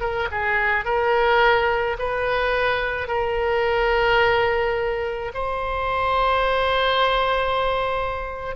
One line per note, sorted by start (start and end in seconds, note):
0.00 0.28 A#4
0.31 0.84 G#4
0.84 1.97 A#4
1.98 3.07 B4
3.07 5.32 A#4
5.34 8.55 C5